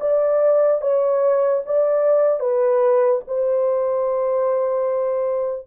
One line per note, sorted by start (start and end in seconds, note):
0.00 0.81 D5
0.81 1.62 C#5
1.66 2.40 D5
2.40 3.21 B4
3.27 5.67 C5